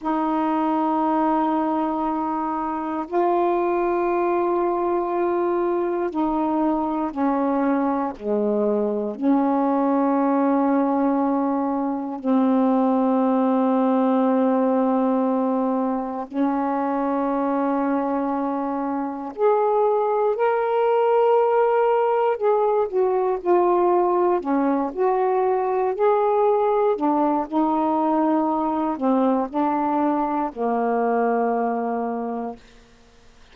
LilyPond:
\new Staff \with { instrumentName = "saxophone" } { \time 4/4 \tempo 4 = 59 dis'2. f'4~ | f'2 dis'4 cis'4 | gis4 cis'2. | c'1 |
cis'2. gis'4 | ais'2 gis'8 fis'8 f'4 | cis'8 fis'4 gis'4 d'8 dis'4~ | dis'8 c'8 d'4 ais2 | }